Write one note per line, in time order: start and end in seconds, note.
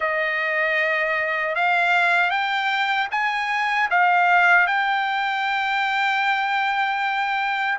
0.00 1.55 D#5
1.55 2.30 F5
2.30 3.08 G5
3.11 3.89 G#5
3.90 4.66 F5
4.66 7.78 G5